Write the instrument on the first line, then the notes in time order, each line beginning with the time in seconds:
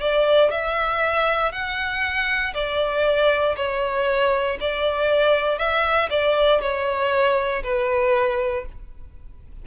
violin
0.00 D5
0.50 E5
1.52 F#5
2.54 D5
3.56 C#5
4.60 D5
5.58 E5
6.10 D5
6.61 C#5
7.63 B4